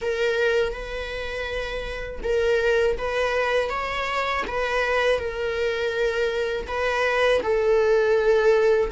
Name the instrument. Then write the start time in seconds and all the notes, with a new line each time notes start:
viola
0.01 A#4
0.72 B4
2.23 A#4
2.97 B4
3.69 C#5
4.46 B4
5.19 A#4
6.67 B4
7.42 A4